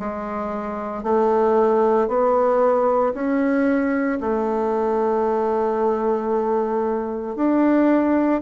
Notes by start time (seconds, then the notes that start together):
0.00 G#3
1.04 A3
2.09 B3
3.14 C#4
4.21 A3
7.36 D4